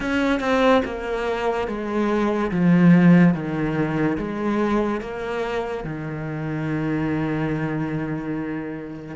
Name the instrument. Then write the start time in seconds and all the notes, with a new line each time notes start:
cello
0.00 C#4
0.40 C4
0.84 A#3
1.67 G#3
2.51 F3
3.33 D#3
4.17 G#3
5.00 A#3
5.84 D#3